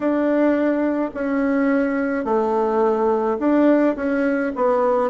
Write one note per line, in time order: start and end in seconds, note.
0.00 1.10 D4
1.14 2.24 C#4
2.24 3.38 A3
3.39 3.95 D4
3.96 4.52 C#4
4.55 5.10 B3